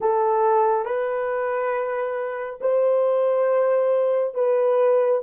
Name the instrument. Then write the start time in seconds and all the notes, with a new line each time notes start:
horn
0.00 A4
0.85 B4
2.60 C5
4.34 B4